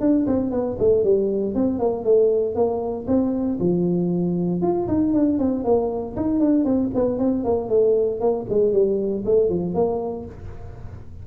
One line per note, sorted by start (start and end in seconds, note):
0.00 0.26 D4
0.26 0.51 C4
0.51 0.76 B3
0.79 1.03 A3
1.03 1.54 G3
1.54 1.79 C4
1.79 2.04 A#3
2.04 2.55 A3
2.55 3.06 A#3
3.07 3.58 C4
3.59 4.62 F3
4.62 4.87 F4
4.87 5.13 D#4
5.13 5.38 D4
5.38 5.64 C4
5.64 6.15 A#3
6.16 6.40 D#4
6.40 6.64 D4
6.64 6.90 C4
6.94 7.18 B3
7.18 7.44 C4
7.44 7.69 A#3
7.69 8.20 A3
8.20 8.45 A#3
8.49 8.72 G#3
8.72 9.24 G3
9.25 9.49 A3
9.49 9.74 F3
9.74 10.25 A#3